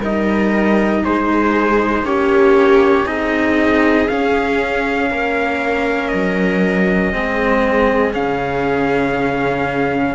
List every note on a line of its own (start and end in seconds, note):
0.00 1.03 G3
0.00 2.04 D#4
0.00 1.02 A#4
0.00 1.04 D#5
1.04 2.03 G#3
1.04 2.06 G#4
1.04 2.06 C5
2.03 3.04 A#3
2.03 3.06 C#4
2.03 3.06 G4
2.03 3.07 C#5
3.06 4.08 C4
3.06 4.07 D#4
3.06 5.10 G#4
3.06 4.08 D#5
4.08 7.13 C#4
4.08 5.10 C#4
4.08 6.08 F5
5.10 6.12 A#3
5.10 7.14 A#4
6.08 7.14 F#3
6.08 8.12 D#5
7.13 8.15 G#3
7.13 8.13 C4
7.13 10.15 G#4
8.13 10.15 C#3
8.13 10.15 C#4
8.13 10.15 F5